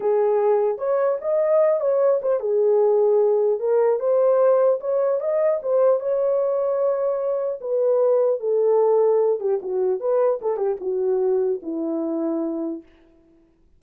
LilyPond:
\new Staff \with { instrumentName = "horn" } { \time 4/4 \tempo 4 = 150 gis'2 cis''4 dis''4~ | dis''8 cis''4 c''8 gis'2~ | gis'4 ais'4 c''2 | cis''4 dis''4 c''4 cis''4~ |
cis''2. b'4~ | b'4 a'2~ a'8 g'8 | fis'4 b'4 a'8 g'8 fis'4~ | fis'4 e'2. | }